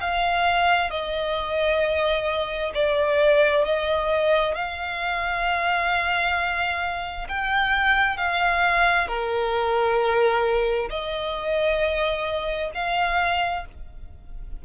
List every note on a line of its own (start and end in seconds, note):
0.00 0.90 F5
0.90 2.72 D#5
2.74 3.64 D5
3.64 4.55 D#5
4.55 7.27 F5
7.28 8.17 G5
8.17 9.07 F5
9.07 10.89 A#4
10.89 12.71 D#5
12.74 13.65 F5